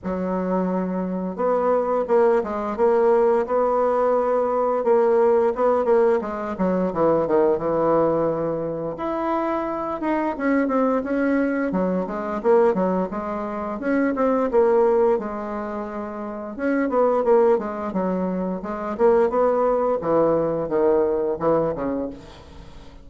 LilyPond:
\new Staff \with { instrumentName = "bassoon" } { \time 4/4 \tempo 4 = 87 fis2 b4 ais8 gis8 | ais4 b2 ais4 | b8 ais8 gis8 fis8 e8 dis8 e4~ | e4 e'4. dis'8 cis'8 c'8 |
cis'4 fis8 gis8 ais8 fis8 gis4 | cis'8 c'8 ais4 gis2 | cis'8 b8 ais8 gis8 fis4 gis8 ais8 | b4 e4 dis4 e8 cis8 | }